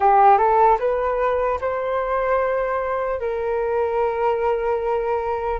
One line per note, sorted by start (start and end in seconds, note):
0.00 0.38 G4
0.38 0.78 A4
0.79 1.59 B4
1.60 3.20 C5
3.20 5.59 A#4